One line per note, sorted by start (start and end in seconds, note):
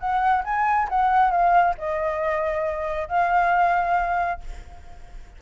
0.00 0.44 F#5
0.44 0.88 G#5
0.89 1.31 F#5
1.31 1.75 F5
1.78 3.08 D#5
3.08 4.41 F5